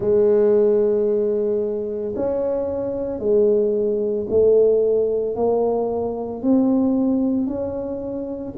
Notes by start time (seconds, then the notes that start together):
0.00 G#3
2.15 C#4
3.19 G#3
4.29 A3
5.35 A#3
6.42 C4
7.46 C#4